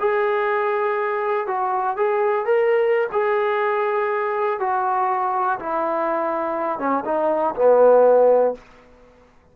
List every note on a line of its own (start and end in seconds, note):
0.00 1.47 G#4
1.47 1.97 F#4
1.97 2.46 G#4
2.46 3.08 A#4
3.13 4.60 G#4
4.60 5.59 F#4
5.60 6.79 E4
6.79 7.04 C#4
7.05 7.55 D#4
7.56 8.55 B3